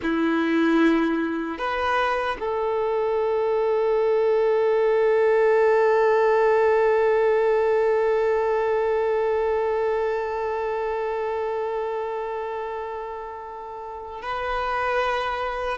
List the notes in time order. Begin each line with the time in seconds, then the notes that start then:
0.02 E4
1.58 B4
2.39 A4
14.21 B4